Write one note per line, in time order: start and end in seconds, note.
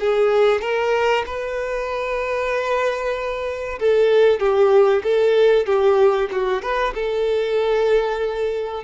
0.00 0.61 G#4
0.61 1.25 A#4
1.26 3.79 B4
3.80 4.40 A4
4.40 5.03 G4
5.04 5.66 A4
5.66 6.29 G4
6.32 6.62 F#4
6.62 6.94 B4
6.95 8.84 A4